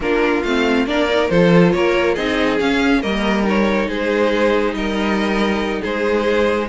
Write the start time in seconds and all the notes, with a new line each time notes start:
0.00 A#3 D4 F4 A#4
0.43 A3 C4 F5
0.86 A#3 D4 A#4 D5
1.09 D#4
1.29 F3 F4 A4 C5
1.71 A#3 A#4 C#5
2.14 C4 D#4 G#4 D#5
2.58 C#4 F5
3.01 G3 A#3 A#4 D#5
3.43 D#4 C#5
3.87 G#3 G#4 C5
4.73 G3 A#4 D#5
5.81 G#3 G#4 C5